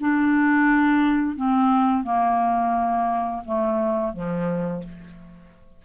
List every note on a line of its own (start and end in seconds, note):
0.00 1.36 D4
1.36 2.03 C4
2.03 3.43 A#3
3.45 4.13 A3
4.13 4.83 F3